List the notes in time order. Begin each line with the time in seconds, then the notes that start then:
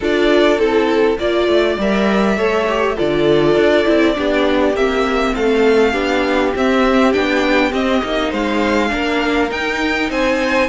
0.00 D4 F4 A4 D5
0.58 C4 E4 A4
1.18 A#3 F4 D5
1.47 A3
1.78 G3 A#4 E5
2.37 A3 A4 C#5
2.68 G4
2.95 D3 F4 A4 D5
3.55 D4
3.85 C4 E4
4.14 B3 D4 G4
4.73 A#3 C4 E5
5.35 A3 A4 F5
5.92 B3 D4 G4
6.55 C4 E5
7.12 B3 D4 G5
7.71 C4 D#5
8.02 A#3 D#4
8.29 G#3 C5 F5
8.89 A#3 D4 A#4
9.50 D#4 G5
10.10 C4 C5 G#5